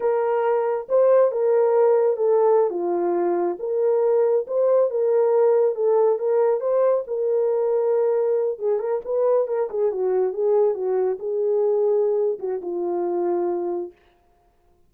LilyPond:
\new Staff \with { instrumentName = "horn" } { \time 4/4 \tempo 4 = 138 ais'2 c''4 ais'4~ | ais'4 a'4~ a'16 f'4.~ f'16~ | f'16 ais'2 c''4 ais'8.~ | ais'4~ ais'16 a'4 ais'4 c''8.~ |
c''16 ais'2.~ ais'8 gis'16~ | gis'16 ais'8 b'4 ais'8 gis'8 fis'4 gis'16~ | gis'8. fis'4 gis'2~ gis'16~ | gis'8 fis'8 f'2. | }